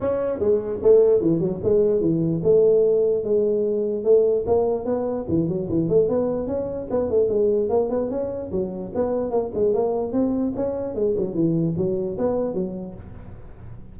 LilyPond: \new Staff \with { instrumentName = "tuba" } { \time 4/4 \tempo 4 = 148 cis'4 gis4 a4 e8 fis8 | gis4 e4 a2 | gis2 a4 ais4 | b4 e8 fis8 e8 a8 b4 |
cis'4 b8 a8 gis4 ais8 b8 | cis'4 fis4 b4 ais8 gis8 | ais4 c'4 cis'4 gis8 fis8 | e4 fis4 b4 fis4 | }